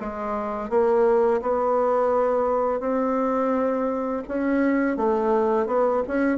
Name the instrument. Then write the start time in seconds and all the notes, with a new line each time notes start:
bassoon
0.00 G#3
0.69 A#3
1.41 B3
2.80 C4
4.28 C#4
4.97 A3
5.67 B3
6.07 C#4